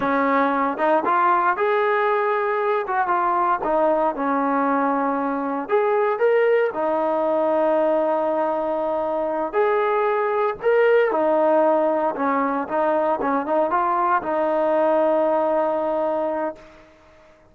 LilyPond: \new Staff \with { instrumentName = "trombone" } { \time 4/4 \tempo 4 = 116 cis'4. dis'8 f'4 gis'4~ | gis'4. fis'8 f'4 dis'4 | cis'2. gis'4 | ais'4 dis'2.~ |
dis'2~ dis'8 gis'4.~ | gis'8 ais'4 dis'2 cis'8~ | cis'8 dis'4 cis'8 dis'8 f'4 dis'8~ | dis'1 | }